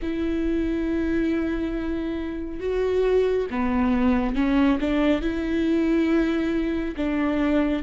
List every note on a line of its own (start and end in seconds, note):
0.02 2.59 E4
2.59 3.46 F#4
3.50 4.35 B3
4.35 4.78 C#4
4.80 5.21 D4
5.21 6.95 E4
6.96 7.83 D4